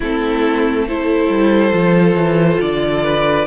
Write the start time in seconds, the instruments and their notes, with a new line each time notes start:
0.00 cello A3, viola C4, violin E4 A4
0.87 viola E4, violin A4 C5
1.28 cello G3
1.72 cello F3, viola F4
2.14 cello E3
2.61 cello D3, violin D5
3.03 violin B4